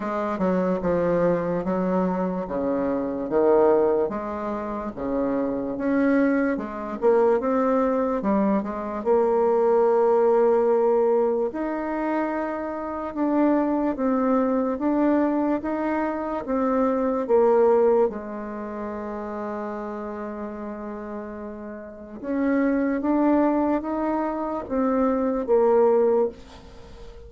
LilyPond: \new Staff \with { instrumentName = "bassoon" } { \time 4/4 \tempo 4 = 73 gis8 fis8 f4 fis4 cis4 | dis4 gis4 cis4 cis'4 | gis8 ais8 c'4 g8 gis8 ais4~ | ais2 dis'2 |
d'4 c'4 d'4 dis'4 | c'4 ais4 gis2~ | gis2. cis'4 | d'4 dis'4 c'4 ais4 | }